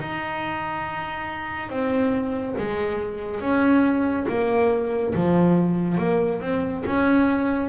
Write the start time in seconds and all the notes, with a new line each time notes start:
0.00 D#4
1.69 C4
2.58 G#3
3.41 C#4
4.29 A#3
5.15 F3
5.98 A#3
6.41 C4
6.86 C#4